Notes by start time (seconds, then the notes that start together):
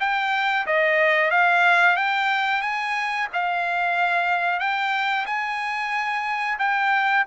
0.00 G5
0.67 D#5
1.31 F5
1.96 G5
2.62 G#5
3.33 F5
4.60 G5
5.26 G#5
6.59 G5